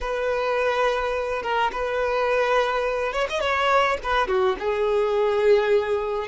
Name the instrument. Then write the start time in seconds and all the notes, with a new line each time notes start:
violin
0.01 B4
1.42 A#4
1.71 B4
3.12 C#5
3.29 D#5
3.40 C#5
4.03 B4
4.27 F#4
4.59 G#4